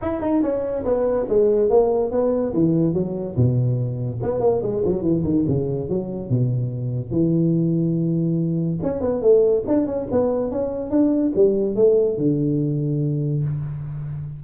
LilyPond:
\new Staff \with { instrumentName = "tuba" } { \time 4/4 \tempo 4 = 143 e'8 dis'8 cis'4 b4 gis4 | ais4 b4 e4 fis4 | b,2 b8 ais8 gis8 fis8 | e8 dis8 cis4 fis4 b,4~ |
b,4 e2.~ | e4 cis'8 b8 a4 d'8 cis'8 | b4 cis'4 d'4 g4 | a4 d2. | }